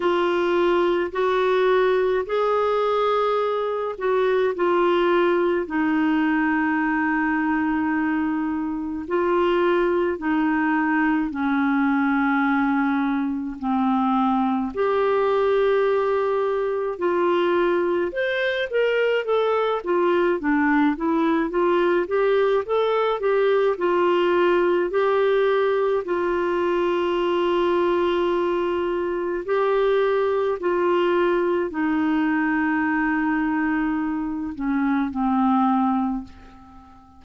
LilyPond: \new Staff \with { instrumentName = "clarinet" } { \time 4/4 \tempo 4 = 53 f'4 fis'4 gis'4. fis'8 | f'4 dis'2. | f'4 dis'4 cis'2 | c'4 g'2 f'4 |
c''8 ais'8 a'8 f'8 d'8 e'8 f'8 g'8 | a'8 g'8 f'4 g'4 f'4~ | f'2 g'4 f'4 | dis'2~ dis'8 cis'8 c'4 | }